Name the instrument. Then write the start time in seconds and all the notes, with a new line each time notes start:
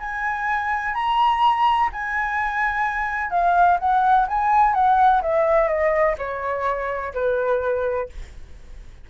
flute
0.00 G#5
0.95 A#5
1.93 G#5
3.31 F5
3.80 F#5
4.28 G#5
4.75 F#5
5.23 E5
5.68 D#5
6.18 C#5
7.15 B4